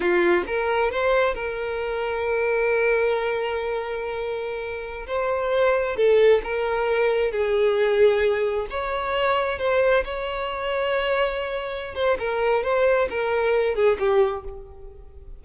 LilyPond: \new Staff \with { instrumentName = "violin" } { \time 4/4 \tempo 4 = 133 f'4 ais'4 c''4 ais'4~ | ais'1~ | ais'2.~ ais'16 c''8.~ | c''4~ c''16 a'4 ais'4.~ ais'16~ |
ais'16 gis'2. cis''8.~ | cis''4~ cis''16 c''4 cis''4.~ cis''16~ | cis''2~ cis''8 c''8 ais'4 | c''4 ais'4. gis'8 g'4 | }